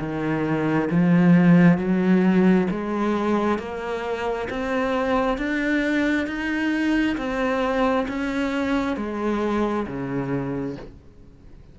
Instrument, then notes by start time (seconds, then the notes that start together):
cello
0.00 D#3
0.91 F3
1.78 F#3
2.71 G#3
3.59 A#3
4.50 C4
5.38 D4
6.28 D#4
7.18 C4
8.09 C#4
8.97 G#3
9.87 C#3